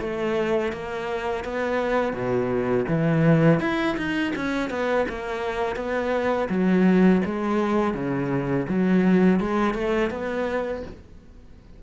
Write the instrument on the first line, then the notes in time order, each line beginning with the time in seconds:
cello
0.00 A3
0.73 A#3
1.45 B3
2.13 B2
2.88 E3
3.60 E4
3.97 D#4
4.35 C#4
4.70 B3
5.09 A#3
5.76 B3
6.49 F#3
7.26 G#3
7.94 C#3
8.68 F#3
9.40 G#3
9.74 A3
10.10 B3